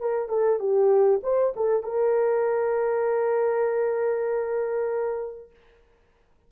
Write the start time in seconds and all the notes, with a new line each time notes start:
0.00 A#4
0.29 A4
0.59 G4
1.23 C5
1.56 A4
1.83 A#4